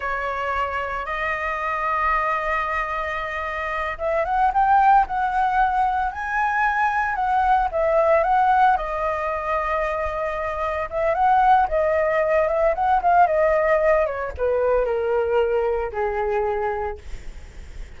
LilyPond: \new Staff \with { instrumentName = "flute" } { \time 4/4 \tempo 4 = 113 cis''2 dis''2~ | dis''2.~ dis''8 e''8 | fis''8 g''4 fis''2 gis''8~ | gis''4. fis''4 e''4 fis''8~ |
fis''8 dis''2.~ dis''8~ | dis''8 e''8 fis''4 dis''4. e''8 | fis''8 f''8 dis''4. cis''8 b'4 | ais'2 gis'2 | }